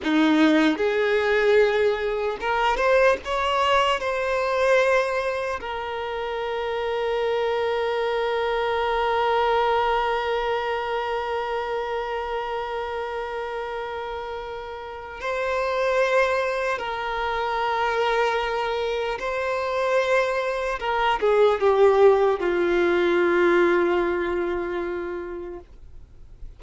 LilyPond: \new Staff \with { instrumentName = "violin" } { \time 4/4 \tempo 4 = 75 dis'4 gis'2 ais'8 c''8 | cis''4 c''2 ais'4~ | ais'1~ | ais'1~ |
ais'2. c''4~ | c''4 ais'2. | c''2 ais'8 gis'8 g'4 | f'1 | }